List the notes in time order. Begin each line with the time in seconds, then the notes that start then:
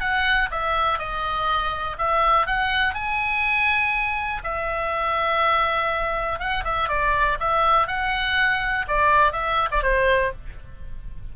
0.00 F#5
0.51 E5
0.98 D#5
1.98 E5
2.46 F#5
2.94 G#5
4.44 E5
6.39 F#5
6.64 E5
6.89 D5
7.39 E5
7.87 F#5
8.87 D5
9.32 E5
9.71 D5
9.82 C5